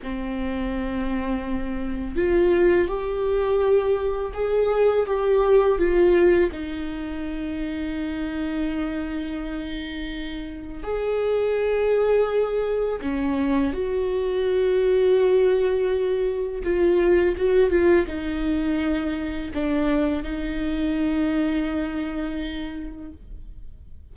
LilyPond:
\new Staff \with { instrumentName = "viola" } { \time 4/4 \tempo 4 = 83 c'2. f'4 | g'2 gis'4 g'4 | f'4 dis'2.~ | dis'2. gis'4~ |
gis'2 cis'4 fis'4~ | fis'2. f'4 | fis'8 f'8 dis'2 d'4 | dis'1 | }